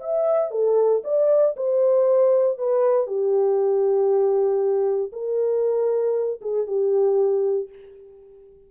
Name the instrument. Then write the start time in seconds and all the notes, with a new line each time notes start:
horn
0.00 E5
0.51 A4
1.04 D5
1.56 C5
2.58 B4
3.06 G4
5.12 A#4
6.41 G#4
6.66 G4